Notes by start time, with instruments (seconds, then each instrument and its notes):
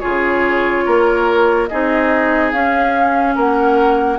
0.00 bassoon C#3, clarinet F4, oboe G#4, flute C#5
0.86 bassoon A#3, oboe A#4
1.67 bassoon C4, clarinet D#4, oboe G#4, flute D#5
2.52 bassoon C#4, clarinet C#4, flute F5
3.35 bassoon A#3, oboe A#4, flute F#5